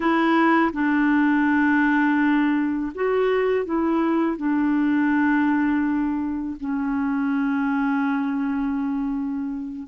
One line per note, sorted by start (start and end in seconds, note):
0.00 0.72 E4
0.73 2.92 D4
2.94 3.65 F#4
3.65 4.36 E4
4.36 6.56 D4
6.60 9.87 C#4